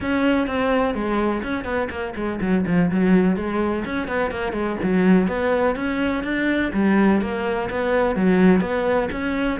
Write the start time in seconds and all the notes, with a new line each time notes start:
0.00 C#4
0.47 C4
0.94 G#3
1.42 C#4
1.64 B3
1.90 A#3
2.15 G#3
2.41 F#3
2.66 F3
2.90 F#3
3.36 G#3
3.85 C#4
4.07 B3
4.31 A#3
4.52 G#3
4.82 F#3
5.27 B3
5.75 C#4
6.23 D4
6.73 G3
7.21 A#3
7.70 B3
8.15 F#3
8.60 B3
9.11 C#4